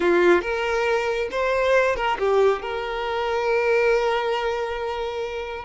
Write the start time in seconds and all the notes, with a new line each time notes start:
0.00 F4
0.41 A#4
1.31 C5
1.95 A#4
2.18 G4
2.62 A#4